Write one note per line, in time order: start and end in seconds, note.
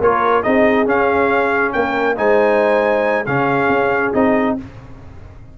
0.00 0.44 A#3
0.00 0.44 F4
0.00 0.43 A#4
0.00 0.43 C#5
0.43 0.86 C4
0.43 0.85 D#4
0.43 1.74 G#4
0.43 0.86 D#5
0.85 2.16 C#4
0.85 1.73 C#4
0.85 1.73 F5
1.73 2.18 A#3
1.73 2.18 A#4
1.73 2.16 G5
2.16 3.27 G#3
2.16 3.25 D#4
2.16 3.26 C5
2.16 3.26 G#5
3.26 3.69 C#3
3.26 4.14 C#4
3.26 4.57 G#4
3.26 4.13 F5
3.69 4.12 C#4
4.13 4.58 C4
4.13 4.58 D#4
4.13 4.57 D#5